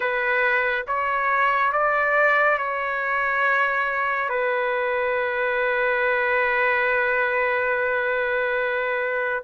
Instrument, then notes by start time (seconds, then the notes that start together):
trumpet
0.00 B4
0.86 C#5
1.72 D5
2.58 C#5
4.29 B4